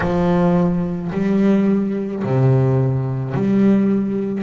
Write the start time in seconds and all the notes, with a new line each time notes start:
0.00 F3
1.12 G3
2.23 C3
3.34 G3